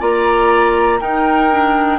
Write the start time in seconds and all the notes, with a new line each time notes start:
0.00 A#3 F4 D5 A#5
1.00 D#4 A#4 G5
1.52 D4